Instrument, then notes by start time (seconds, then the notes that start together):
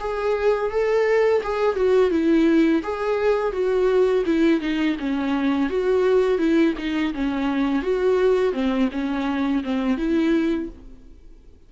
viola
0.00 G#4
0.70 A4
1.43 G#4
1.76 F#4
2.11 E4
2.83 G#4
3.52 F#4
4.26 E4
4.61 D#4
4.99 C#4
5.69 F#4
6.38 E4
6.78 D#4
7.14 C#4
7.82 F#4
8.53 C4
8.92 C#4
9.64 C4
9.97 E4